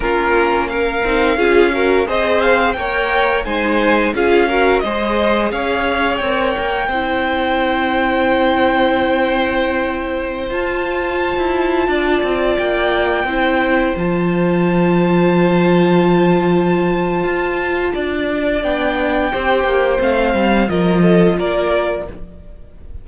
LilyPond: <<
  \new Staff \with { instrumentName = "violin" } { \time 4/4 \tempo 4 = 87 ais'4 f''2 dis''8 f''8 | g''4 gis''4 f''4 dis''4 | f''4 g''2.~ | g''2.~ g''16 a''8.~ |
a''2~ a''16 g''4.~ g''16~ | g''16 a''2.~ a''8.~ | a''2. g''4~ | g''4 f''4 dis''4 d''4 | }
  \new Staff \with { instrumentName = "violin" } { \time 4/4 f'4 ais'4 gis'8 ais'8 c''4 | cis''4 c''4 gis'8 ais'8 c''4 | cis''2 c''2~ | c''1~ |
c''4~ c''16 d''2 c''8.~ | c''1~ | c''2 d''2 | c''2 ais'8 a'8 ais'4 | }
  \new Staff \with { instrumentName = "viola" } { \time 4/4 cis'4. dis'8 f'8 fis'8 gis'4 | ais'4 dis'4 f'8 fis'8 gis'4~ | gis'4 ais'4 e'2~ | e'2.~ e'16 f'8.~ |
f'2.~ f'16 e'8.~ | e'16 f'2.~ f'8.~ | f'2. d'4 | g'4 c'4 f'2 | }
  \new Staff \with { instrumentName = "cello" } { \time 4/4 ais4. c'8 cis'4 c'4 | ais4 gis4 cis'4 gis4 | cis'4 c'8 ais8 c'2~ | c'2.~ c'16 f'8.~ |
f'8 e'8. d'8 c'8 ais4 c'8.~ | c'16 f2.~ f8.~ | f4 f'4 d'4 b4 | c'8 ais8 a8 g8 f4 ais4 | }
>>